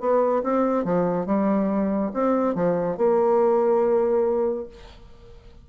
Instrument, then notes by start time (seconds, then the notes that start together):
bassoon
0.00 B3
0.43 C4
0.84 F3
1.26 G3
2.13 C4
2.55 F3
2.97 A#3